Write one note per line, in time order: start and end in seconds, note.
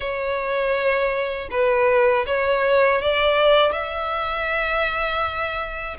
0.00 1.48 C#5
1.50 2.25 B4
2.26 3.01 C#5
3.01 3.71 D5
3.71 5.96 E5